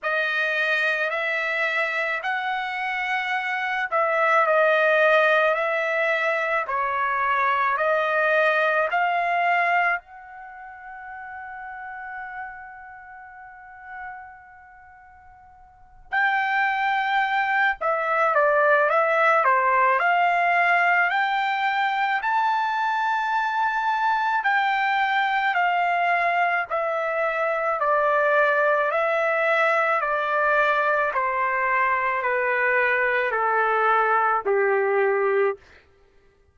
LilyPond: \new Staff \with { instrumentName = "trumpet" } { \time 4/4 \tempo 4 = 54 dis''4 e''4 fis''4. e''8 | dis''4 e''4 cis''4 dis''4 | f''4 fis''2.~ | fis''2~ fis''8 g''4. |
e''8 d''8 e''8 c''8 f''4 g''4 | a''2 g''4 f''4 | e''4 d''4 e''4 d''4 | c''4 b'4 a'4 g'4 | }